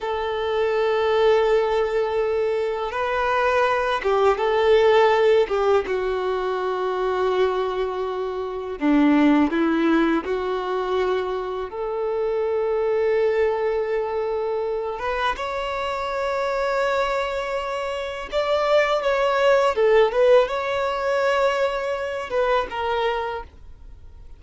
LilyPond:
\new Staff \with { instrumentName = "violin" } { \time 4/4 \tempo 4 = 82 a'1 | b'4. g'8 a'4. g'8 | fis'1 | d'4 e'4 fis'2 |
a'1~ | a'8 b'8 cis''2.~ | cis''4 d''4 cis''4 a'8 b'8 | cis''2~ cis''8 b'8 ais'4 | }